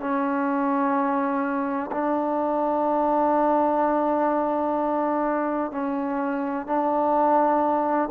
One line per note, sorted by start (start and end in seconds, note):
0.00 1.90 C#4
1.91 5.71 D4
5.71 6.67 C#4
6.67 8.10 D4